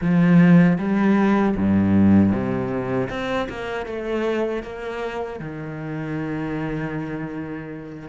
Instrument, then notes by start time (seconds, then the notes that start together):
cello
0.01 F3
0.78 G3
1.56 G2
2.31 C3
3.09 C4
3.49 A#3
3.85 A3
4.62 A#3
5.39 D#3